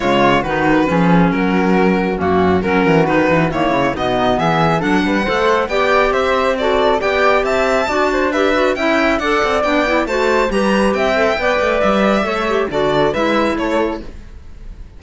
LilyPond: <<
  \new Staff \with { instrumentName = "violin" } { \time 4/4 \tempo 4 = 137 cis''4 b'2 ais'4~ | ais'4 fis'4 ais'4 b'4 | cis''4 dis''4 e''4 fis''4~ | fis''4 g''4 e''4 d''4 |
g''4 a''2 e''4 | g''4 fis''4 g''4 a''4 | ais''4 g''2 e''4~ | e''4 d''4 e''4 cis''4 | }
  \new Staff \with { instrumentName = "flute" } { \time 4/4 f'4 fis'4 gis'4 fis'4~ | fis'4 cis'4 fis'2 | e'4 dis'4 gis'4 a'8 b'8 | c''4 d''4 c''4 a'4 |
d''4 e''4 d''8 c''8 b'4 | e''4 d''2 c''4 | b'4 e''4 d''2 | cis''4 a'4 b'4 a'4 | }
  \new Staff \with { instrumentName = "clarinet" } { \time 4/4 gis4 dis'4 cis'2~ | cis'4 ais4 cis'4 dis'4 | ais4 b2 d'4 | a'4 g'2 fis'4 |
g'2 fis'4 g'8 fis'8 | e'4 a'4 d'8 e'8 fis'4 | g'4. a'8 b'2 | a'8 g'8 fis'4 e'2 | }
  \new Staff \with { instrumentName = "cello" } { \time 4/4 cis4 dis4 f4 fis4~ | fis4 fis,4 fis8 e8 dis8 e8 | dis8 cis8 b,4 e4 fis8 g8 | a4 b4 c'2 |
b4 c'4 d'2 | cis'4 d'8 c'8 b4 a4 | g4 c'4 b8 a8 g4 | a4 d4 gis4 a4 | }
>>